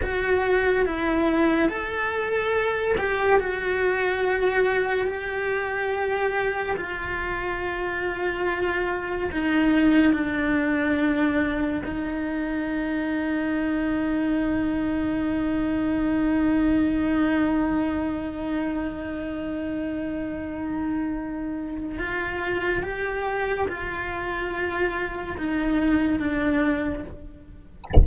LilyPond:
\new Staff \with { instrumentName = "cello" } { \time 4/4 \tempo 4 = 71 fis'4 e'4 a'4. g'8 | fis'2 g'2 | f'2. dis'4 | d'2 dis'2~ |
dis'1~ | dis'1~ | dis'2 f'4 g'4 | f'2 dis'4 d'4 | }